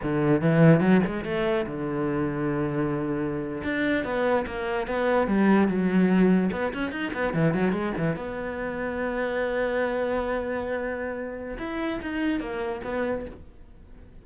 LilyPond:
\new Staff \with { instrumentName = "cello" } { \time 4/4 \tempo 4 = 145 d4 e4 fis8 gis8 a4 | d1~ | d8. d'4 b4 ais4 b16~ | b8. g4 fis2 b16~ |
b16 cis'8 dis'8 b8 e8 fis8 gis8 e8 b16~ | b1~ | b1 | e'4 dis'4 ais4 b4 | }